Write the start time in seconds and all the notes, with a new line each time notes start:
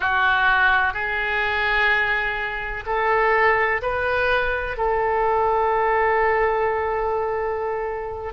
0.00 F#4
0.93 G#4
2.86 A4
3.81 B4
4.77 A4